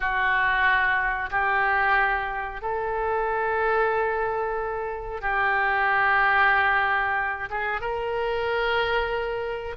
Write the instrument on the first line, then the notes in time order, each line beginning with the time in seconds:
oboe
0.00 F#4
1.30 G4
2.61 A4
5.21 G4
7.50 G#4
7.81 A#4